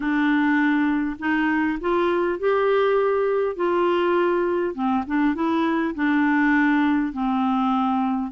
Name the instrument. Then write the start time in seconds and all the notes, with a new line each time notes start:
clarinet
0.00 D4
1.19 D#4
1.80 F4
2.39 G4
3.56 F4
4.74 C4
5.07 D4
5.34 E4
5.94 D4
7.13 C4